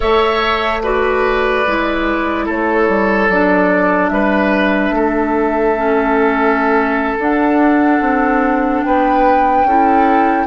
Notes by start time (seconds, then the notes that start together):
0.00 A3 A4 C#5 E5
0.82 F#4 B4 D5
1.66 G#3 E4
2.45 A3 A4 C#5
2.88 G3
3.28 F#3 D4 D5
4.09 G3 B4 E5
4.90 A3 A4
5.76 C#4
7.18 D4 F#5
8.01 C4
8.83 B3 B4 G5
9.64 C#4 E4 A4